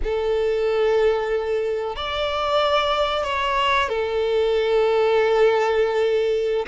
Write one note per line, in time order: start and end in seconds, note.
0.03 1.96 A4
1.96 3.23 D5
3.23 3.89 C#5
3.89 6.66 A4